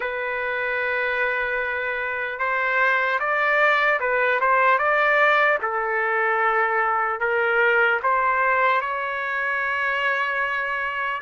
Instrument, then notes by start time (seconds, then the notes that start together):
trumpet
0.00 B4
2.39 C5
3.19 D5
4.00 B4
4.40 C5
4.78 D5
5.62 A4
7.20 A#4
8.02 C5
8.81 C#5